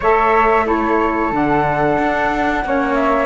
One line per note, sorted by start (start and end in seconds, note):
0.00 1.31 A3
0.00 0.65 A4
0.00 0.65 C#5
0.00 0.66 E5
0.65 1.30 E4
0.65 2.63 A4
0.65 1.32 C#5
1.31 1.97 D3
1.31 2.63 D4
1.31 2.94 F#5
1.98 2.64 D4
2.64 3.26 A#3
2.64 3.26 C#4
2.64 3.26 C#5
2.94 3.26 E5